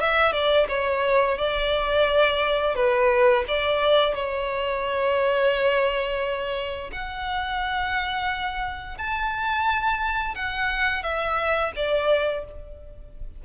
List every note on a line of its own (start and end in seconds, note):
0.00 0.32 E5
0.32 0.66 D5
0.69 1.38 C#5
1.38 2.75 D5
2.75 3.44 B4
3.48 4.15 D5
4.15 6.91 C#5
6.92 8.97 F#5
8.97 10.35 A5
10.35 11.03 F#5
11.03 11.72 E5
11.76 12.45 D5